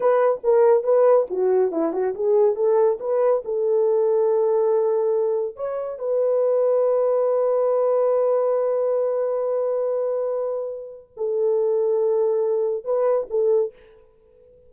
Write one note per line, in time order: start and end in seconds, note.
0.00 0.41 B4
0.43 0.83 A#4
0.83 1.26 B4
1.30 1.71 F#4
1.71 1.92 E4
1.93 2.14 F#4
2.14 2.55 G#4
2.55 2.98 A4
3.00 3.42 B4
3.44 5.56 A4
5.56 5.98 C#5
5.98 11.13 B4
11.16 12.84 A4
12.84 13.27 B4
13.30 13.72 A4